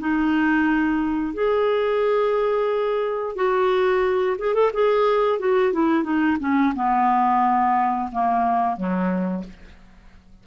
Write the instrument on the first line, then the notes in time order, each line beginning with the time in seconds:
clarinet
0.00 D#4
1.34 G#4
3.36 F#4
4.39 G#4
4.55 A4
4.74 G#4
5.40 F#4
5.73 E4
6.04 D#4
6.40 C#4
6.75 B3
8.13 A#3
8.77 F#3